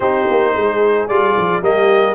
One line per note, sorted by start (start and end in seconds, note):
0.00 0.26 C4
0.00 1.09 D#4
0.00 0.53 G4
0.00 1.08 C5
0.30 0.55 A#3
0.55 1.08 G#3
0.55 1.64 G#4
1.08 1.35 G3
1.08 1.62 F4
1.08 1.62 D5
1.37 1.61 F3
1.61 2.14 G3
1.61 2.14 A#3
1.61 2.14 G4
1.61 2.14 D#5